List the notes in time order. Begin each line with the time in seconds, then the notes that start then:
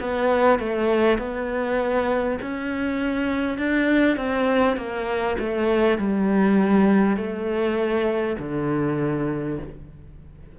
0.00 B3
0.59 A3
1.18 B3
2.42 C#4
3.58 D4
4.17 C4
4.77 A#3
5.39 A3
5.98 G3
7.17 A3
8.39 D3